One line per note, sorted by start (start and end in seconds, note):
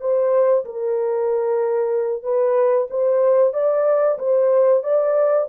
0.00 0.65 C5
0.65 2.23 A#4
2.23 2.87 B4
2.90 3.53 C5
3.53 4.18 D5
4.18 4.83 C5
4.83 5.48 D5